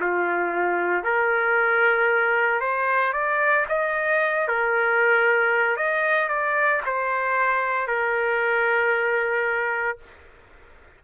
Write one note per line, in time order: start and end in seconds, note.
0.00 1.04 F4
1.04 2.61 A#4
2.61 3.13 C5
3.13 3.66 D5
3.69 4.48 D#5
4.48 5.77 A#4
5.77 6.29 D#5
6.29 6.81 D5
6.86 7.88 C5
7.88 9.98 A#4